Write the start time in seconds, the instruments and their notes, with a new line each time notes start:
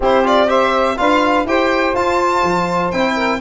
0.00 tuba C4, trombone E4, saxophone G4, violin C5
0.23 trombone F4, violin D5
0.47 trombone G4, saxophone C5, violin E5
0.97 tuba D4, trombone F4, saxophone B4, violin F5
1.44 tuba E4, trombone G4, saxophone C5, violin G5
1.93 tuba F4, trombone F4, violin A5
2.43 tuba F3
2.91 tuba C4, trombone E4, violin G5
3.15 saxophone A#4